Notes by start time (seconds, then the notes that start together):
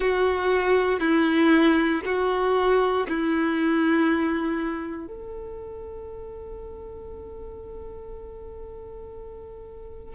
0.00 F#4
0.99 E4
2.05 F#4
3.08 E4
5.07 A4